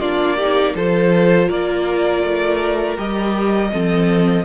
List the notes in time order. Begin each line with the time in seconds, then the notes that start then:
0.00 A#3 D4 F4 D5
0.36 D#4 G4
0.74 F3 F4 A4 C5
1.48 A#3 A#4 D5
2.23 A3
2.97 G3 G4 D#5
3.72 F3 C4 A4